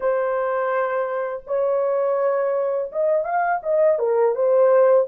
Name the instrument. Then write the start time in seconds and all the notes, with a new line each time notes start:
horn
0.00 C5
1.47 C#5
2.92 D#5
3.24 F5
3.62 D#5
3.99 A#4
4.35 C5